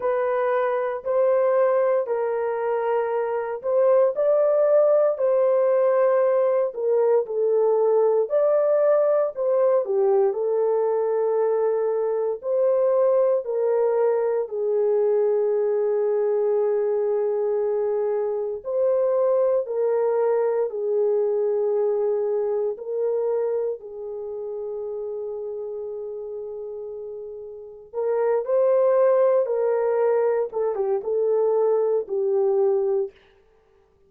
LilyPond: \new Staff \with { instrumentName = "horn" } { \time 4/4 \tempo 4 = 58 b'4 c''4 ais'4. c''8 | d''4 c''4. ais'8 a'4 | d''4 c''8 g'8 a'2 | c''4 ais'4 gis'2~ |
gis'2 c''4 ais'4 | gis'2 ais'4 gis'4~ | gis'2. ais'8 c''8~ | c''8 ais'4 a'16 g'16 a'4 g'4 | }